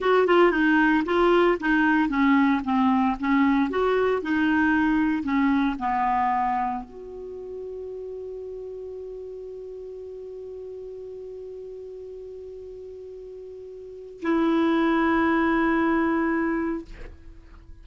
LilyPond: \new Staff \with { instrumentName = "clarinet" } { \time 4/4 \tempo 4 = 114 fis'8 f'8 dis'4 f'4 dis'4 | cis'4 c'4 cis'4 fis'4 | dis'2 cis'4 b4~ | b4 fis'2.~ |
fis'1~ | fis'1~ | fis'2. e'4~ | e'1 | }